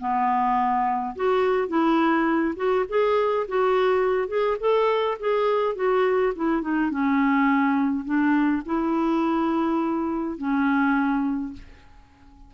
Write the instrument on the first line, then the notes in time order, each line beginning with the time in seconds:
clarinet
0.00 B3
1.16 F#4
1.68 E4
2.56 F#4
2.89 G#4
3.48 F#4
4.28 G#4
4.60 A4
5.20 G#4
5.76 F#4
6.36 E4
6.62 D#4
6.91 C#4
8.05 D4
8.66 E4
10.38 C#4